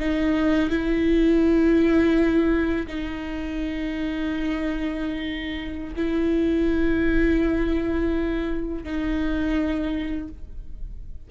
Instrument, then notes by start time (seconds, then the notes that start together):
viola
0.00 D#4
0.70 E4
2.88 D#4
5.96 E4
8.84 D#4